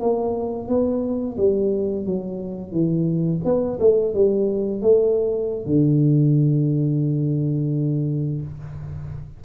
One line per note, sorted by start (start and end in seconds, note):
0.00 0.68 A#3
0.68 1.37 B3
1.37 2.06 G3
2.06 2.71 F#3
2.71 3.40 E3
3.44 3.79 B3
3.80 4.14 A3
4.14 4.82 G3
4.82 5.66 A3
5.66 8.41 D3